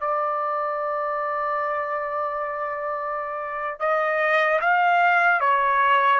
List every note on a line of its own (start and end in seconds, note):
0.00 3.79 D5
3.79 4.59 D#5
4.60 5.40 F5
5.40 6.20 C#5